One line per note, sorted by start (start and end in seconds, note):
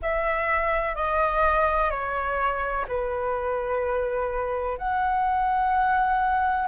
0.02 0.95 E5
0.95 1.90 D#5
1.90 2.85 C#5
2.88 4.77 B4
4.77 6.67 F#5